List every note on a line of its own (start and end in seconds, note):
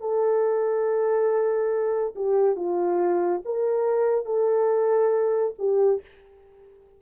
0.00 2.14 A4
2.15 2.56 G4
2.56 3.41 F4
3.45 4.25 A#4
4.25 5.54 A4
5.58 6.01 G4